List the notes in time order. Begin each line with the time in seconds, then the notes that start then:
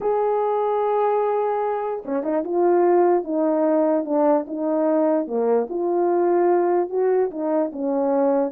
0.00 G#4
2.05 C#4
2.23 D#4
2.44 F4
3.24 D#4
4.04 D4
4.47 D#4
5.27 A#3
5.69 F4
6.89 F#4
7.30 D#4
7.72 C#4